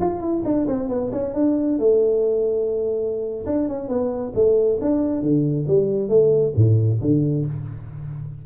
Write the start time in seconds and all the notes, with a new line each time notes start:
0.00 F4
0.20 E4
0.44 D4
0.67 C4
0.88 B3
1.12 C#4
1.34 D4
1.79 A3
3.46 D4
3.68 C#4
3.88 B3
4.34 A3
4.81 D4
5.22 D3
5.67 G3
6.08 A3
6.55 A2
7.01 D3